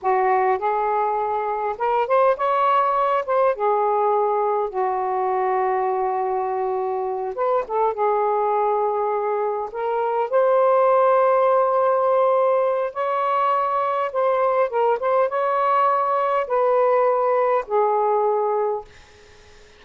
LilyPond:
\new Staff \with { instrumentName = "saxophone" } { \time 4/4 \tempo 4 = 102 fis'4 gis'2 ais'8 c''8 | cis''4. c''8 gis'2 | fis'1~ | fis'8 b'8 a'8 gis'2~ gis'8~ |
gis'8 ais'4 c''2~ c''8~ | c''2 cis''2 | c''4 ais'8 c''8 cis''2 | b'2 gis'2 | }